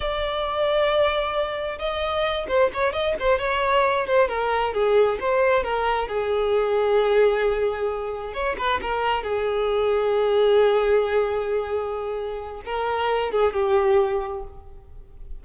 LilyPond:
\new Staff \with { instrumentName = "violin" } { \time 4/4 \tempo 4 = 133 d''1 | dis''4. c''8 cis''8 dis''8 c''8 cis''8~ | cis''4 c''8 ais'4 gis'4 c''8~ | c''8 ais'4 gis'2~ gis'8~ |
gis'2~ gis'8 cis''8 b'8 ais'8~ | ais'8 gis'2.~ gis'8~ | gis'1 | ais'4. gis'8 g'2 | }